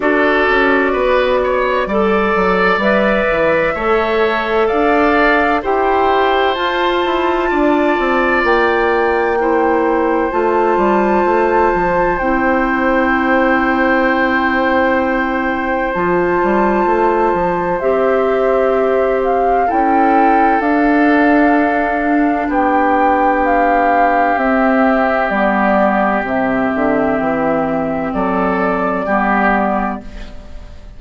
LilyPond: <<
  \new Staff \with { instrumentName = "flute" } { \time 4/4 \tempo 4 = 64 d''2. e''4~ | e''4 f''4 g''4 a''4~ | a''4 g''2 a''4~ | a''4 g''2.~ |
g''4 a''2 e''4~ | e''8 f''8 g''4 f''2 | g''4 f''4 e''4 d''4 | e''2 d''2 | }
  \new Staff \with { instrumentName = "oboe" } { \time 4/4 a'4 b'8 cis''8 d''2 | cis''4 d''4 c''2 | d''2 c''2~ | c''1~ |
c''1~ | c''4 a'2. | g'1~ | g'2 a'4 g'4 | }
  \new Staff \with { instrumentName = "clarinet" } { \time 4/4 fis'2 a'4 b'4 | a'2 g'4 f'4~ | f'2 e'4 f'4~ | f'4 e'2.~ |
e'4 f'2 g'4~ | g'4 e'4 d'2~ | d'2 c'4 b4 | c'2. b4 | }
  \new Staff \with { instrumentName = "bassoon" } { \time 4/4 d'8 cis'8 b4 g8 fis8 g8 e8 | a4 d'4 e'4 f'8 e'8 | d'8 c'8 ais2 a8 g8 | a8 f8 c'2.~ |
c'4 f8 g8 a8 f8 c'4~ | c'4 cis'4 d'2 | b2 c'4 g4 | c8 d8 e4 fis4 g4 | }
>>